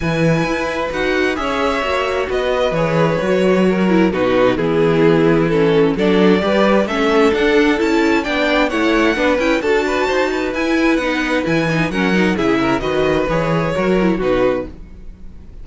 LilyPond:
<<
  \new Staff \with { instrumentName = "violin" } { \time 4/4 \tempo 4 = 131 gis''2 fis''4 e''4~ | e''4 dis''4 cis''2~ | cis''4 b'4 gis'2 | a'4 d''2 e''4 |
fis''4 a''4 g''4 fis''4~ | fis''8 g''8 a''2 gis''4 | fis''4 gis''4 fis''4 e''4 | dis''4 cis''2 b'4 | }
  \new Staff \with { instrumentName = "violin" } { \time 4/4 b'2. cis''4~ | cis''4 b'2. | ais'4 fis'4 e'2~ | e'4 a'4 b'4 a'4~ |
a'2 d''4 cis''4 | b'4 a'8 b'8 c''8 b'4.~ | b'2 ais'4 gis'8 ais'8 | b'2 ais'4 fis'4 | }
  \new Staff \with { instrumentName = "viola" } { \time 4/4 e'2 fis'4 gis'4 | fis'2 gis'4 fis'4~ | fis'8 e'8 dis'4 b2 | cis'4 d'4 g'4 cis'4 |
d'4 e'4 d'4 e'4 | d'8 e'8 fis'2 e'4 | dis'4 e'8 dis'8 cis'8 dis'8 e'4 | fis'4 gis'4 fis'8 e'8 dis'4 | }
  \new Staff \with { instrumentName = "cello" } { \time 4/4 e4 e'4 dis'4 cis'4 | ais4 b4 e4 fis4~ | fis4 b,4 e2~ | e4 fis4 g4 a4 |
d'4 cis'4 b4 a4 | b8 cis'8 d'4 dis'4 e'4 | b4 e4 fis4 cis4 | dis4 e4 fis4 b,4 | }
>>